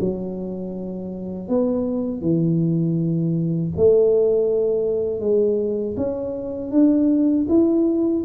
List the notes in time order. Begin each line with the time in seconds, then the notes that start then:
0.00 F#3
1.49 B3
2.22 E3
3.77 A3
5.20 G#3
5.97 C#4
6.72 D4
7.49 E4